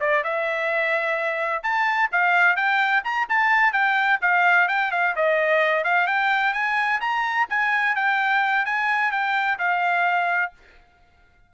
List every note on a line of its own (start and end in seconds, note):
0.00 0.23 D5
0.24 1.63 E5
1.63 2.10 A5
2.11 2.56 F5
2.56 3.03 G5
3.04 3.27 A#5
3.29 3.72 A5
3.72 4.19 G5
4.21 4.68 F5
4.68 4.91 G5
4.91 5.15 F5
5.16 5.84 D#5
5.84 6.07 F5
6.07 6.53 G5
6.53 7.00 G#5
7.00 7.47 A#5
7.49 7.95 G#5
7.95 8.65 G5
8.65 9.11 G#5
9.11 9.58 G5
9.59 10.52 F5